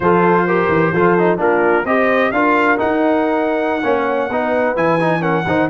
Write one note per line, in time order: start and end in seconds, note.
0.00 0.67 F3
0.00 0.48 F4
0.00 0.46 A4
0.00 1.39 C5
0.46 0.94 G4
0.46 0.92 A#4
0.68 0.91 E3
0.92 1.39 F3
0.92 1.18 F4
0.92 1.38 A4
1.18 1.37 D#4
1.37 1.84 A#3
1.37 1.84 D4
1.37 1.85 F4
1.37 1.85 A#4
1.84 2.31 C4
1.84 2.33 G4
1.84 2.33 C5
1.84 2.31 D#5
2.31 2.78 D4
2.31 2.77 F4
2.31 3.83 A#4
2.31 2.78 F5
2.77 3.82 D#4
2.77 3.83 D#4
2.77 4.76 F#5
3.83 4.29 A#3
3.83 4.30 C#4
3.83 4.30 C#5
4.29 4.76 B3
4.29 4.76 D#4
4.29 5.20 B4
4.76 5.46 E3
4.76 4.99 E4
4.76 5.22 G#5
4.99 5.21 D#4
5.20 5.44 C#4
5.20 5.44 A#4
5.20 5.68 F#5
5.46 5.69 D#3
5.46 5.69 D#4
5.46 5.69 C5